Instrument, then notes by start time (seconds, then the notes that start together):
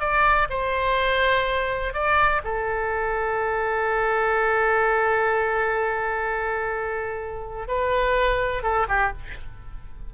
oboe
0.00 D5
0.49 C5
1.94 D5
2.44 A4
7.68 B4
8.62 A4
8.88 G4